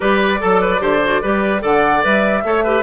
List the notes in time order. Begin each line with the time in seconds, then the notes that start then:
0.00 G3 G4 B4 D5
0.39 F#3 A4
0.61 B4
0.79 D3 G4 C5
1.04 F#4
1.21 G3 G4 B4
1.60 D3 A4 D5 F#5
2.02 G3 B4 E5
2.44 A3 A4 C#5
2.64 G4 B4